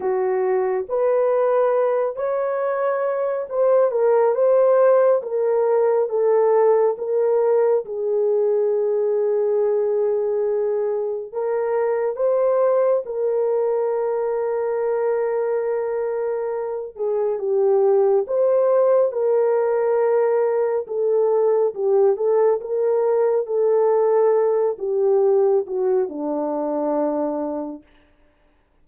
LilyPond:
\new Staff \with { instrumentName = "horn" } { \time 4/4 \tempo 4 = 69 fis'4 b'4. cis''4. | c''8 ais'8 c''4 ais'4 a'4 | ais'4 gis'2.~ | gis'4 ais'4 c''4 ais'4~ |
ais'2.~ ais'8 gis'8 | g'4 c''4 ais'2 | a'4 g'8 a'8 ais'4 a'4~ | a'8 g'4 fis'8 d'2 | }